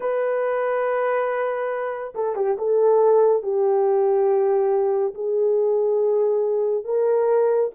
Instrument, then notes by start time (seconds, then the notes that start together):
horn
0.00 B4
2.14 A4
2.35 G4
2.58 A4
3.42 G4
5.14 G#4
6.84 A#4